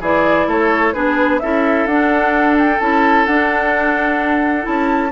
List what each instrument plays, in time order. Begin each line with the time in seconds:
0.00 bassoon E3, clarinet E4, oboe G#4, flute D5
0.47 bassoon A3, oboe A4, flute C#5
0.93 bassoon B3, clarinet D4, oboe G#4, flute B4
1.39 bassoon C#4, clarinet E4, oboe A4, flute E5
1.86 bassoon D4, clarinet D4, flute F#5
2.58 flute G5
2.80 bassoon C#4, clarinet E4, flute A5
3.26 bassoon D4, clarinet D4, flute F#5
4.62 bassoon C#4, clarinet E4, flute A5